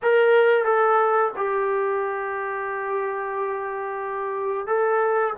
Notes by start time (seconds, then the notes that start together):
0.02 A#4
0.65 A4
1.36 G4
4.67 A4